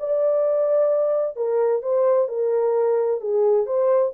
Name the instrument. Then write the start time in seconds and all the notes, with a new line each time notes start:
horn
0.00 D5
1.37 A#4
1.83 C5
2.29 A#4
3.21 G#4
3.67 C5